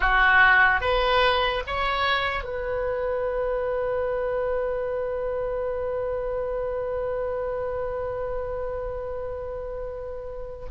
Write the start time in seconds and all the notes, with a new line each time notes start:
0.00 F#4
0.80 B4
1.66 C#5
2.43 B4